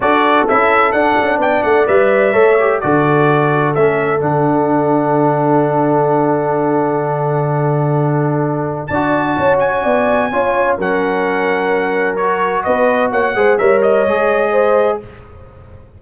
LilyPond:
<<
  \new Staff \with { instrumentName = "trumpet" } { \time 4/4 \tempo 4 = 128 d''4 e''4 fis''4 g''8 fis''8 | e''2 d''2 | e''4 fis''2.~ | fis''1~ |
fis''2. a''4~ | a''8 gis''2~ gis''8 fis''4~ | fis''2 cis''4 dis''4 | fis''4 e''8 dis''2~ dis''8 | }
  \new Staff \with { instrumentName = "horn" } { \time 4/4 a'2. d''4~ | d''4 cis''4 a'2~ | a'1~ | a'1~ |
a'2. d''4 | cis''4 d''4 cis''4 ais'4~ | ais'2. b'4 | cis''8 c''8 cis''2 c''4 | }
  \new Staff \with { instrumentName = "trombone" } { \time 4/4 fis'4 e'4 d'2 | b'4 a'8 g'8 fis'2 | cis'4 d'2.~ | d'1~ |
d'2. fis'4~ | fis'2 f'4 cis'4~ | cis'2 fis'2~ | fis'8 gis'8 ais'4 gis'2 | }
  \new Staff \with { instrumentName = "tuba" } { \time 4/4 d'4 cis'4 d'8 cis'8 b8 a8 | g4 a4 d2 | a4 d2.~ | d1~ |
d2. d'4 | cis'4 b4 cis'4 fis4~ | fis2. b4 | ais8 gis8 g4 gis2 | }
>>